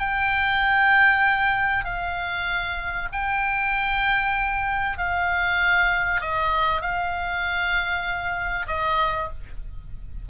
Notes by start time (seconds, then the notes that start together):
0.00 G5
1.85 F5
3.13 G5
4.98 F5
6.21 D#5
6.82 F5
8.67 D#5